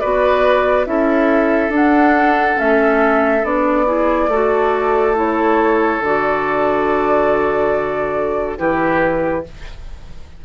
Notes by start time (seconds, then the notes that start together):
0.00 B3 F#4 B4 D5
0.86 C#4 E4 A4 E5
1.69 D4 F#5
2.56 A3 C#4 E5
3.43 B3 D4 D5
3.86 E4 G#4
4.28 A3 F#4 A4
5.15 E4 C#5
6.00 D3 F#4 D5
8.58 E3 E4 G4 B4